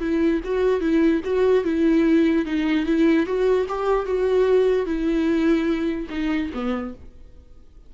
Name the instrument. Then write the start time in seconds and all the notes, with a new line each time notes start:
viola
0.00 E4
0.44 F#4
0.81 E4
1.24 F#4
1.64 E4
2.45 D#4
2.86 E4
3.26 F#4
3.69 G4
4.06 F#4
4.86 E4
6.10 D#4
6.54 B3